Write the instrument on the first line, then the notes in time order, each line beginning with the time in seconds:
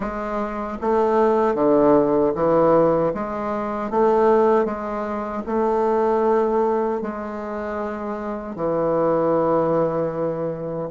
bassoon
0.00 G#3
0.81 A3
1.54 D3
2.34 E3
3.14 G#3
3.90 A3
4.65 G#3
5.46 A3
7.01 G#3
8.55 E3